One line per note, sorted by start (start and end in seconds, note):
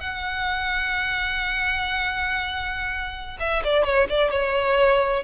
0.00 3.37 F#5
3.39 3.63 E5
3.64 3.84 D5
3.84 4.07 C#5
4.09 4.31 D5
4.31 5.24 C#5